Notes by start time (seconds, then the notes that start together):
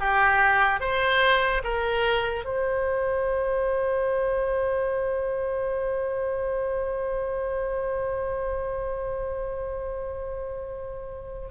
0.00 G4
0.80 C5
1.64 A#4
2.45 C5